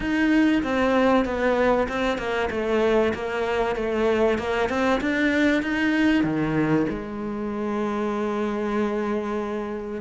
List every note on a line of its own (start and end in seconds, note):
0.00 0.62 D#4
0.62 1.25 C4
1.25 1.87 B3
1.88 2.18 C4
2.18 2.49 A#3
2.50 3.12 A3
3.14 3.75 A#3
3.75 4.38 A3
4.38 4.69 A#3
4.69 5.00 C4
5.00 5.62 D4
5.62 6.23 D#4
6.23 6.86 D#3
6.89 10.01 G#3